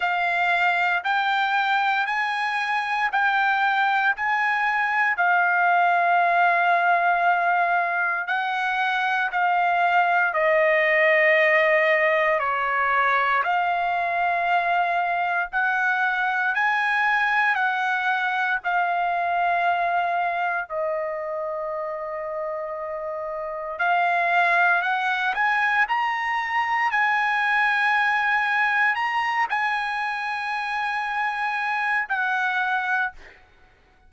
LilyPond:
\new Staff \with { instrumentName = "trumpet" } { \time 4/4 \tempo 4 = 58 f''4 g''4 gis''4 g''4 | gis''4 f''2. | fis''4 f''4 dis''2 | cis''4 f''2 fis''4 |
gis''4 fis''4 f''2 | dis''2. f''4 | fis''8 gis''8 ais''4 gis''2 | ais''8 gis''2~ gis''8 fis''4 | }